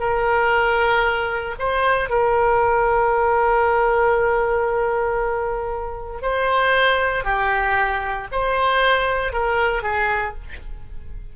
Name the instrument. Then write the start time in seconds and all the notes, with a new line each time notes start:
oboe
0.00 A#4
1.59 C5
2.09 A#4
6.22 C5
7.24 G4
8.32 C5
9.33 A#4
9.83 G#4